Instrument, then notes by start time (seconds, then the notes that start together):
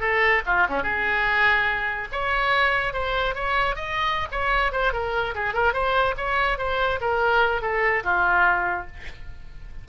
oboe
0.00 A4
0.46 F4
0.68 C#4
0.83 G#4
2.12 C#5
2.93 C5
3.34 C#5
3.75 D#5
4.31 C#5
4.72 C5
4.93 A#4
5.34 G#4
5.53 A#4
5.73 C5
6.17 C#5
6.58 C5
7.01 A#4
7.61 A4
8.03 F4